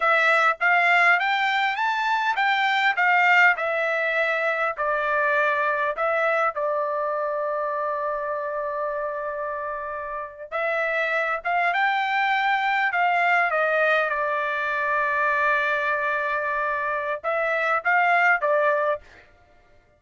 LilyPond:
\new Staff \with { instrumentName = "trumpet" } { \time 4/4 \tempo 4 = 101 e''4 f''4 g''4 a''4 | g''4 f''4 e''2 | d''2 e''4 d''4~ | d''1~ |
d''4.~ d''16 e''4. f''8 g''16~ | g''4.~ g''16 f''4 dis''4 d''16~ | d''1~ | d''4 e''4 f''4 d''4 | }